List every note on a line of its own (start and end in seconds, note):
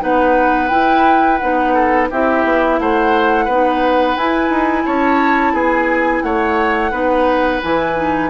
0.00 0.71 B3
0.00 0.69 D#4
0.00 1.74 B4
0.00 0.69 F#5
0.69 1.39 E4
0.69 1.40 E4
0.69 1.37 G5
1.38 2.11 B3
1.38 2.10 D#4
1.38 2.07 F#5
1.74 2.08 A4
2.10 2.44 C4
2.10 3.50 E4
2.10 2.79 G4
2.10 2.79 E5
2.44 2.79 B3
2.79 3.48 A3
2.79 3.45 C5
2.79 4.17 F#5
3.45 4.17 B3
3.45 4.18 D#4
3.45 4.83 B4
4.17 4.50 E4
4.17 6.92 E4
4.17 4.86 G#5
4.50 4.84 D#4
4.86 5.53 C#4
4.86 5.53 C#5
4.86 5.55 A5
5.53 6.22 B3
5.53 6.22 G#4
5.53 6.23 G#5
6.23 6.92 A3
6.23 6.91 C#5
6.23 7.60 F#5
6.91 7.61 B3
6.91 7.61 D#4
6.91 8.29 B4
7.62 8.30 E3
7.62 7.96 E4
7.62 8.30 G#5
7.96 8.30 D#4